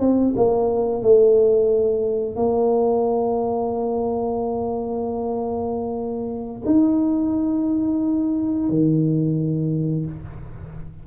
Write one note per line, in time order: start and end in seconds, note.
0.00 0.34 C4
0.36 1.02 A#3
1.02 2.36 A3
2.36 6.62 A#3
6.66 8.69 D#4
8.69 10.06 D#3